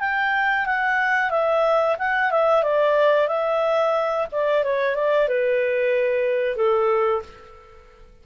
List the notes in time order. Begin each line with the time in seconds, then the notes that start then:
0.00 G5
0.66 F#5
1.30 E5
1.99 F#5
2.31 E5
2.63 D5
3.28 E5
4.32 D5
4.64 C#5
4.95 D5
5.28 B4
6.56 A4